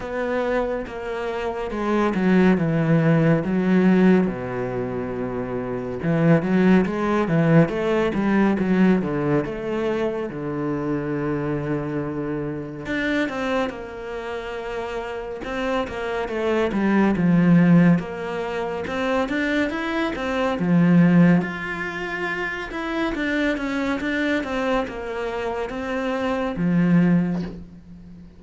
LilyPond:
\new Staff \with { instrumentName = "cello" } { \time 4/4 \tempo 4 = 70 b4 ais4 gis8 fis8 e4 | fis4 b,2 e8 fis8 | gis8 e8 a8 g8 fis8 d8 a4 | d2. d'8 c'8 |
ais2 c'8 ais8 a8 g8 | f4 ais4 c'8 d'8 e'8 c'8 | f4 f'4. e'8 d'8 cis'8 | d'8 c'8 ais4 c'4 f4 | }